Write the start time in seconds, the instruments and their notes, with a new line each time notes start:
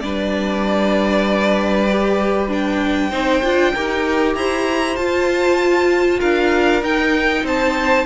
0.00 cello G3, viola D4, violin B4 D5
1.89 viola G4
2.48 viola D4, violin G5
3.10 cello C4, viola D#4, violin C5
3.43 cello D4, viola F4
3.74 cello D#4, viola G4, violin A#4
4.35 cello E4, violin C5 A#5
4.96 cello F4, viola F4, violin A5
6.19 cello D4, violin A#4 F5
6.82 viola D#4, cello D#4, violin G5
7.43 cello C4, violin C5 A5